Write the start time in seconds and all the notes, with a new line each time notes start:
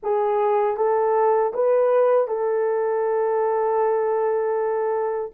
0.02 G#4
0.76 A4
1.53 B4
2.27 A4